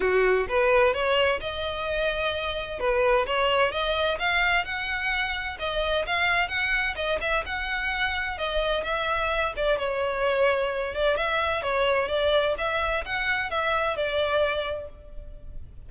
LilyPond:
\new Staff \with { instrumentName = "violin" } { \time 4/4 \tempo 4 = 129 fis'4 b'4 cis''4 dis''4~ | dis''2 b'4 cis''4 | dis''4 f''4 fis''2 | dis''4 f''4 fis''4 dis''8 e''8 |
fis''2 dis''4 e''4~ | e''8 d''8 cis''2~ cis''8 d''8 | e''4 cis''4 d''4 e''4 | fis''4 e''4 d''2 | }